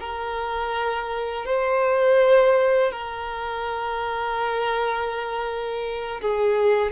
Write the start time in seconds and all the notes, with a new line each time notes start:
0.00 A#4
1.45 C5
2.92 A#4
6.21 G#4